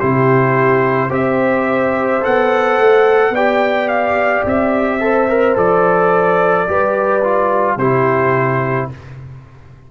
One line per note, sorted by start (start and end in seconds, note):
0.00 1.10 C3
0.00 1.10 E4
0.00 1.09 G4
0.00 1.11 C5
1.09 2.21 C4
1.09 2.22 G4
1.09 3.31 C5
1.09 2.25 E5
2.22 2.79 B3
2.22 3.33 A4
2.22 3.36 F#5
2.79 3.30 A3
3.30 4.41 B3
3.30 5.01 D5
3.30 3.88 G5
3.37 5.01 G4
3.88 4.44 F5
4.46 5.57 C4
4.46 5.58 E5
5.01 5.28 A4
5.01 6.70 C5
5.29 5.56 A#4
5.56 6.68 F3
5.56 6.67 A4
5.56 7.78 D5
6.67 7.77 G3
6.67 7.23 G4
6.67 7.78 B4
7.24 7.79 F4
7.77 8.88 C3
7.77 8.91 E4
7.77 8.89 G4
7.77 8.89 C5